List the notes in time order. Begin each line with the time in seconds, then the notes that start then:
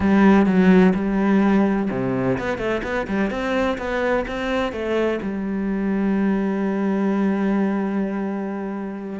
0.00 G3
0.46 F#3
0.94 G3
1.90 C3
2.38 B3
2.57 A3
2.83 B3
3.07 G3
3.30 C4
3.78 B3
4.27 C4
4.72 A3
5.22 G3